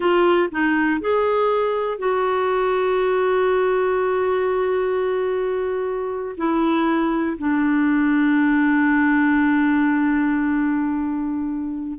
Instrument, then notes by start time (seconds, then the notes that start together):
clarinet
0.00 F4
0.51 D#4
1.00 G#4
1.98 F#4
6.37 E4
7.38 D4